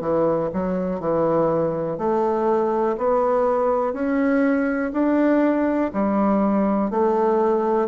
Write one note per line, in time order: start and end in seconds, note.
0.00 0.49 E3
0.53 0.99 F#3
0.99 1.98 E3
1.98 2.96 A3
2.97 3.93 B3
3.93 4.91 C#4
4.92 5.91 D4
5.93 6.90 G3
6.90 7.88 A3